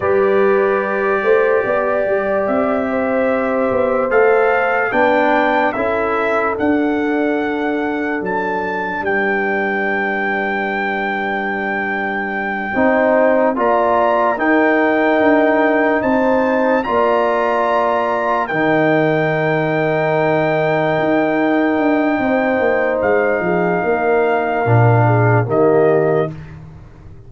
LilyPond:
<<
  \new Staff \with { instrumentName = "trumpet" } { \time 4/4 \tempo 4 = 73 d''2. e''4~ | e''4 f''4 g''4 e''4 | fis''2 a''4 g''4~ | g''1~ |
g''8 ais''4 g''2 a''8~ | a''8 ais''2 g''4.~ | g''1 | f''2. dis''4 | }
  \new Staff \with { instrumentName = "horn" } { \time 4/4 b'4. c''8 d''4. c''8~ | c''2 b'4 a'4~ | a'2. b'4~ | b'2.~ b'8 c''8~ |
c''8 d''4 ais'2 c''8~ | c''8 d''2 ais'4.~ | ais'2. c''4~ | c''8 gis'8 ais'4. gis'8 g'4 | }
  \new Staff \with { instrumentName = "trombone" } { \time 4/4 g'1~ | g'4 a'4 d'4 e'4 | d'1~ | d'2.~ d'8 dis'8~ |
dis'8 f'4 dis'2~ dis'8~ | dis'8 f'2 dis'4.~ | dis'1~ | dis'2 d'4 ais4 | }
  \new Staff \with { instrumentName = "tuba" } { \time 4/4 g4. a8 b8 g8 c'4~ | c'8 b8 a4 b4 cis'4 | d'2 fis4 g4~ | g2.~ g8 c'8~ |
c'8 ais4 dis'4 d'4 c'8~ | c'8 ais2 dis4.~ | dis4. dis'4 d'8 c'8 ais8 | gis8 f8 ais4 ais,4 dis4 | }
>>